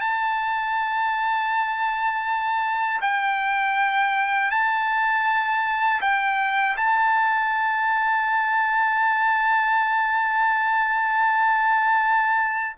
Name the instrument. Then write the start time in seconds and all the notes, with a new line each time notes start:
trumpet
0.00 A5
3.01 G5
4.50 A5
6.01 G5
6.76 A5